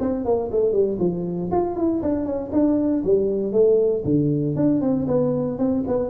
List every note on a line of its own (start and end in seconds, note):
0.00 0.25 C4
0.25 0.51 A#3
0.52 0.73 A3
0.73 0.98 G3
0.99 1.50 F3
1.52 1.77 F4
1.77 2.02 E4
2.03 2.26 D4
2.26 2.51 C#4
2.53 3.03 D4
3.04 3.52 G3
3.52 4.03 A3
4.05 4.56 D3
4.56 4.81 D4
4.81 5.07 C4
5.08 5.59 B3
5.59 5.84 C4
5.88 6.10 B3